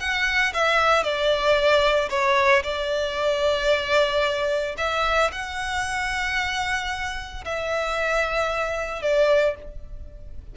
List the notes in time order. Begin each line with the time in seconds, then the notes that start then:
0.00 F#5
0.54 E5
1.04 D5
2.10 C#5
2.63 D5
4.78 E5
5.32 F#5
7.45 E5
9.02 D5